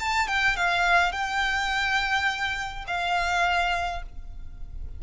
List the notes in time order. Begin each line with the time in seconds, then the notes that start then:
0.00 A5
0.28 G5
0.57 F5
1.12 G5
2.88 F5